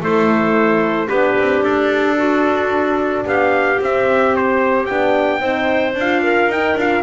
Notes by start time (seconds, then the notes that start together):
0.00 A3 E4 A4 C5
1.07 B3 D4 G4 B4
1.38 C4
1.62 D4 A4
2.17 F#4
3.25 B3 G4 F5
3.80 C4 E5
4.35 C5
4.86 B3 D4 G5
5.40 C4 D#4 C5
5.94 D4 F5
6.00 F4
6.22 A#4
6.47 D#4 G5
6.76 D4 F4 F5